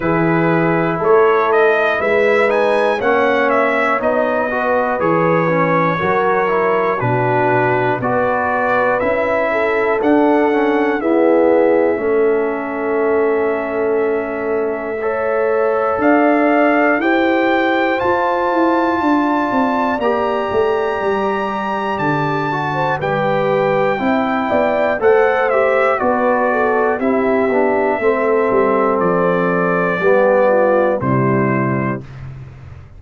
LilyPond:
<<
  \new Staff \with { instrumentName = "trumpet" } { \time 4/4 \tempo 4 = 60 b'4 cis''8 dis''8 e''8 gis''8 fis''8 e''8 | dis''4 cis''2 b'4 | d''4 e''4 fis''4 e''4~ | e''1 |
f''4 g''4 a''2 | ais''2 a''4 g''4~ | g''4 fis''8 e''8 d''4 e''4~ | e''4 d''2 c''4 | }
  \new Staff \with { instrumentName = "horn" } { \time 4/4 gis'4 a'4 b'4 cis''4~ | cis''8 b'4. ais'4 fis'4 | b'4. a'4. gis'4 | a'2. cis''4 |
d''4 c''2 d''4~ | d''2~ d''8. c''16 b'4 | e''8 d''8 c''4 b'8 a'8 g'4 | a'2 g'8 f'8 e'4 | }
  \new Staff \with { instrumentName = "trombone" } { \time 4/4 e'2~ e'8 dis'8 cis'4 | dis'8 fis'8 gis'8 cis'8 fis'8 e'8 d'4 | fis'4 e'4 d'8 cis'8 b4 | cis'2. a'4~ |
a'4 g'4 f'2 | g'2~ g'8 fis'8 g'4 | e'4 a'8 g'8 fis'4 e'8 d'8 | c'2 b4 g4 | }
  \new Staff \with { instrumentName = "tuba" } { \time 4/4 e4 a4 gis4 ais4 | b4 e4 fis4 b,4 | b4 cis'4 d'4 e'4 | a1 |
d'4 e'4 f'8 e'8 d'8 c'8 | ais8 a8 g4 d4 g4 | c'8 b8 a4 b4 c'8 b8 | a8 g8 f4 g4 c4 | }
>>